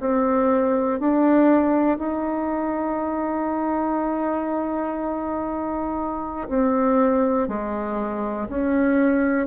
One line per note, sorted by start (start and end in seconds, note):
0.00 1.00 C4
1.00 1.98 D4
1.98 6.48 D#4
6.49 7.49 C4
7.49 8.49 G#3
8.49 9.47 C#4